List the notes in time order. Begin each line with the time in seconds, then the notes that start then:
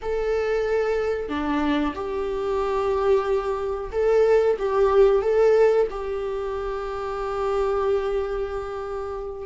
0.02 A4
1.28 D4
1.94 G4
3.92 A4
4.59 G4
5.21 A4
5.90 G4